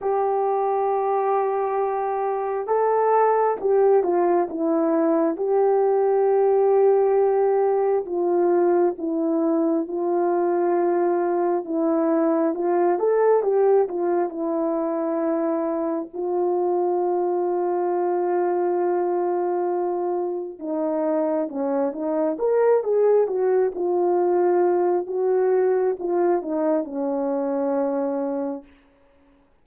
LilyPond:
\new Staff \with { instrumentName = "horn" } { \time 4/4 \tempo 4 = 67 g'2. a'4 | g'8 f'8 e'4 g'2~ | g'4 f'4 e'4 f'4~ | f'4 e'4 f'8 a'8 g'8 f'8 |
e'2 f'2~ | f'2. dis'4 | cis'8 dis'8 ais'8 gis'8 fis'8 f'4. | fis'4 f'8 dis'8 cis'2 | }